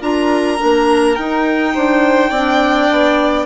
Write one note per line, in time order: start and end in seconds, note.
0.00 0.58 D4
0.00 0.57 F4
0.00 1.73 A#4
0.00 1.15 A#5
0.57 1.17 A#3
0.57 1.15 D4
1.15 1.75 D#4
1.15 2.34 D#4
1.15 3.45 G5
1.74 2.30 D4
1.74 2.30 C5
2.30 2.88 C4
2.30 3.45 D4
2.30 3.45 D5
2.90 3.45 B3